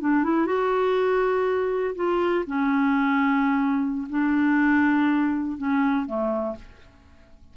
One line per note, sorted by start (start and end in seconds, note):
0.00 0.23 D4
0.23 0.46 E4
0.46 1.95 F#4
1.95 2.45 F4
2.46 4.07 C#4
4.09 5.57 D4
5.57 6.06 C#4
6.06 6.55 A3